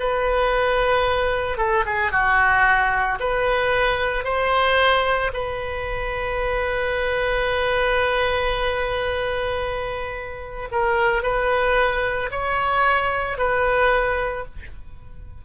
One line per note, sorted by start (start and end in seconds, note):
0.00 1.58 B4
1.58 1.85 A4
1.86 2.11 G#4
2.11 3.19 F#4
3.19 4.24 B4
4.24 5.31 C5
5.33 10.69 B4
10.71 11.23 A#4
11.23 12.30 B4
12.31 13.38 C#5
13.38 14.45 B4